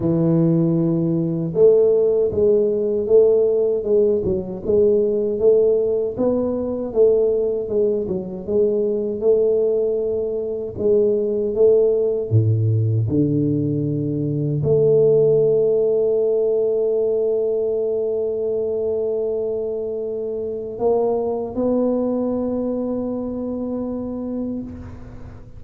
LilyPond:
\new Staff \with { instrumentName = "tuba" } { \time 4/4 \tempo 4 = 78 e2 a4 gis4 | a4 gis8 fis8 gis4 a4 | b4 a4 gis8 fis8 gis4 | a2 gis4 a4 |
a,4 d2 a4~ | a1~ | a2. ais4 | b1 | }